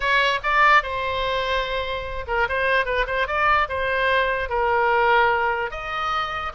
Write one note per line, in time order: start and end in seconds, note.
0.00 0.39 C#5
0.43 0.82 D5
0.82 2.25 C5
2.27 2.47 A#4
2.49 2.85 C5
2.85 3.06 B4
3.06 3.27 C5
3.27 3.67 D5
3.68 4.49 C5
4.49 5.70 A#4
5.70 6.52 D#5